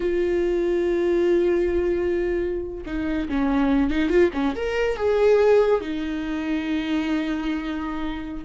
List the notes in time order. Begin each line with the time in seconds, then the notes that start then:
0.00 F4
2.86 D#4
3.28 C#4
3.90 D#4
4.09 F4
4.33 C#4
4.55 A#4
4.96 G#4
5.80 D#4